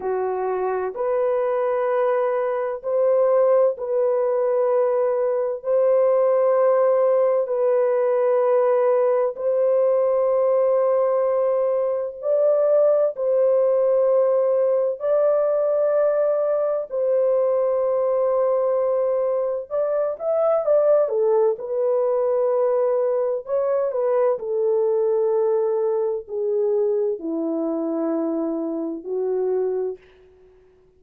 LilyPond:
\new Staff \with { instrumentName = "horn" } { \time 4/4 \tempo 4 = 64 fis'4 b'2 c''4 | b'2 c''2 | b'2 c''2~ | c''4 d''4 c''2 |
d''2 c''2~ | c''4 d''8 e''8 d''8 a'8 b'4~ | b'4 cis''8 b'8 a'2 | gis'4 e'2 fis'4 | }